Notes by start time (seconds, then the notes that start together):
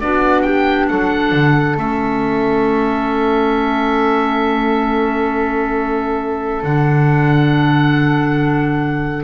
0.00 B3 D4 F#4 D5
0.42 G4 G5
0.88 F#3 A4 F#5
1.32 D3
1.76 A3 C#4 E5
6.62 D3 D4 F#5